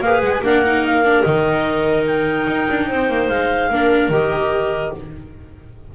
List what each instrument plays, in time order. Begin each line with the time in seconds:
0.00 double bass A#3, viola G#4, clarinet B4 F5
0.21 double bass G#3, clarinet F#5
0.31 clarinet G#5
0.42 double bass A#3, viola D4, clarinet A#4 F#5
0.65 viola D#4
0.85 clarinet F5
1.04 viola D4
1.22 double bass D#3, viola D#4, clarinet D#5
2.06 clarinet G5
2.47 double bass D#4
2.70 double bass D4
2.87 double bass C4, clarinet C5
3.08 double bass A#3
3.28 double bass G#3, clarinet F5
3.69 double bass A#3, viola D4, clarinet A#4
4.09 double bass D#3, viola G4, clarinet D#5